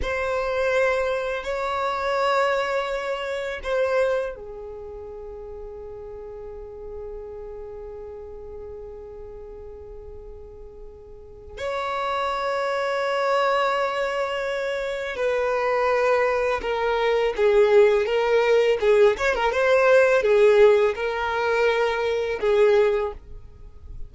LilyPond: \new Staff \with { instrumentName = "violin" } { \time 4/4 \tempo 4 = 83 c''2 cis''2~ | cis''4 c''4 gis'2~ | gis'1~ | gis'1 |
cis''1~ | cis''4 b'2 ais'4 | gis'4 ais'4 gis'8 cis''16 ais'16 c''4 | gis'4 ais'2 gis'4 | }